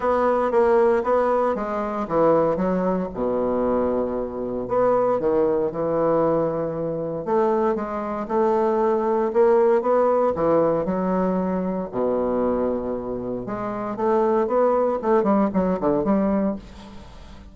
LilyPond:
\new Staff \with { instrumentName = "bassoon" } { \time 4/4 \tempo 4 = 116 b4 ais4 b4 gis4 | e4 fis4 b,2~ | b,4 b4 dis4 e4~ | e2 a4 gis4 |
a2 ais4 b4 | e4 fis2 b,4~ | b,2 gis4 a4 | b4 a8 g8 fis8 d8 g4 | }